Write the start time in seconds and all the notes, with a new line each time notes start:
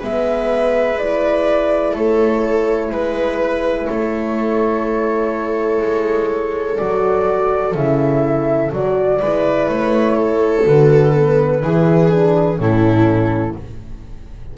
0.00 G#3 B3 B4 E5
0.99 E4 D5
1.93 A3 A4 C#5
2.91 G#3 B4
3.87 A3 A4 C#5
5.83 G#3
6.77 F#3 F#4 D5
7.75 C#3 E4 E5
8.72 F#3 F#4 D5
9.21 G#3 E4 B4
9.69 A3 C#5
10.16 A4
10.65 D3 F#4 B4
11.15 B3
11.62 E3 E4 G#4
12.11 D4
12.56 A2 C#4 E4 A4